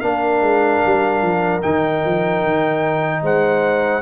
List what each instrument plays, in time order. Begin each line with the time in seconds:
0.00 tuba A#3, trombone D4, horn A#4, trumpet F5
0.41 tuba G#3
0.85 tuba G3
1.22 tuba F3
1.62 tuba D#3, trombone D#4, trumpet G5
2.05 tuba F3
2.43 tuba D#3
3.22 tuba G#3, horn C5, trumpet F#5